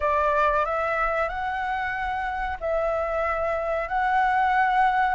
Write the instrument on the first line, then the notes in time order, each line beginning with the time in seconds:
flute
0.00 D5
0.65 E5
1.28 F#5
2.60 E5
3.88 F#5